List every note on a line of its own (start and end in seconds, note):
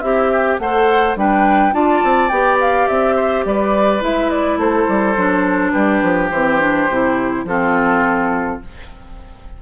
0.00 0.60 C4
0.00 0.32 E4
0.00 0.60 G4
0.00 0.57 E5
0.32 0.61 G4
0.59 1.16 A3
0.59 1.17 A4
0.59 1.19 C5
0.59 1.16 F#5
1.16 1.73 G3
1.16 1.73 D4
1.16 1.74 B4
1.16 1.74 G5
1.73 2.02 D4
1.73 2.30 F4
1.73 3.16 D5
1.73 2.29 A5
2.04 2.31 C4
2.29 2.88 B3
2.29 4.01 G4
2.29 2.57 G5
2.61 2.88 F5
2.88 3.45 C4
2.88 3.45 E5
3.16 3.45 C5
3.45 4.02 G3
3.45 4.60 B4
3.45 4.03 D5
4.01 4.57 G#3
4.01 5.15 E4
4.01 4.30 E5
4.30 4.59 D5
4.57 4.86 A3
4.57 5.73 A4
4.57 5.71 C5
4.89 5.17 G3
5.17 5.74 F#3
5.17 6.32 D4
5.71 6.03 G3
5.71 7.45 G4
5.71 6.28 B4
6.03 6.31 F3
6.31 6.88 E3
6.31 6.60 C4
6.31 7.45 C5
6.60 6.89 D4
6.90 7.45 C3
6.90 7.48 E4
7.45 8.59 F3
7.45 8.62 C4
7.45 8.63 F4
7.45 8.62 A4